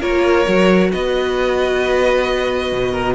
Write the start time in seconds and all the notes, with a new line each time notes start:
0.00 A#3 F4 A#4 C#5
0.46 F#3 F#4
0.92 B3 B4 D#5
2.72 B2
2.91 A#4